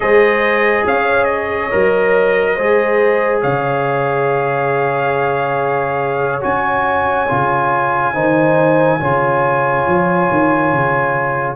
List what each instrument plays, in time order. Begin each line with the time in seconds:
0.00 tuba G#3, trombone G#4, horn C5, trumpet D#5
0.85 tuba C#4, horn C#5, trumpet F5
1.24 trumpet D#5
1.71 tuba F#3, trombone A#4
2.55 tuba G#3, trombone G#4, horn C5
3.41 tuba C#3, horn C#5, trumpet F5
6.41 tuba C#4, trombone F#4, trumpet G#5
7.28 tuba C#3, trombone F4
8.13 tuba D#3, trombone D#4, horn C5
8.99 tuba C#3, trombone F4, horn C#5
9.86 tuba F3
10.31 tuba D#3
10.72 tuba C#3